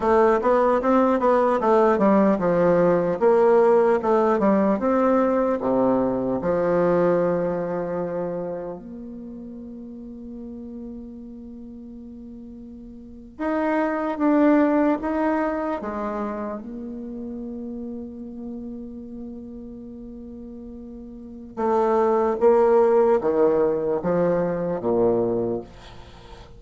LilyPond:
\new Staff \with { instrumentName = "bassoon" } { \time 4/4 \tempo 4 = 75 a8 b8 c'8 b8 a8 g8 f4 | ais4 a8 g8 c'4 c4 | f2. ais4~ | ais1~ |
ais8. dis'4 d'4 dis'4 gis16~ | gis8. ais2.~ ais16~ | ais2. a4 | ais4 dis4 f4 ais,4 | }